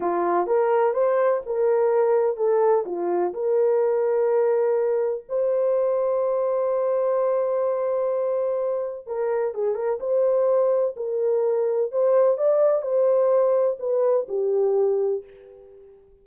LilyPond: \new Staff \with { instrumentName = "horn" } { \time 4/4 \tempo 4 = 126 f'4 ais'4 c''4 ais'4~ | ais'4 a'4 f'4 ais'4~ | ais'2. c''4~ | c''1~ |
c''2. ais'4 | gis'8 ais'8 c''2 ais'4~ | ais'4 c''4 d''4 c''4~ | c''4 b'4 g'2 | }